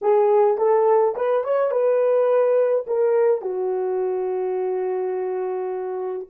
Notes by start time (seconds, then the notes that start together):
0.01 G#4
0.57 A4
1.15 B4
1.43 C#5
1.71 B4
2.86 A#4
3.41 F#4